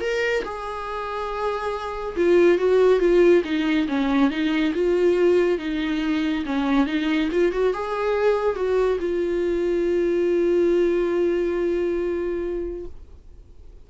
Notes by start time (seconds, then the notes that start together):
0.00 A#4
0.44 G#4
2.16 F4
2.58 F#4
2.99 F4
3.44 D#4
3.88 C#4
4.30 D#4
4.74 F4
5.58 D#4
6.45 C#4
6.86 D#4
7.31 F4
7.52 F#4
7.73 G#4
8.55 F#4
9.00 F4